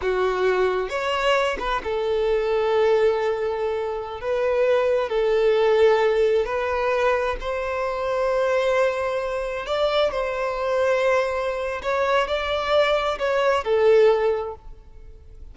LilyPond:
\new Staff \with { instrumentName = "violin" } { \time 4/4 \tempo 4 = 132 fis'2 cis''4. b'8 | a'1~ | a'4~ a'16 b'2 a'8.~ | a'2~ a'16 b'4.~ b'16~ |
b'16 c''2.~ c''8.~ | c''4~ c''16 d''4 c''4.~ c''16~ | c''2 cis''4 d''4~ | d''4 cis''4 a'2 | }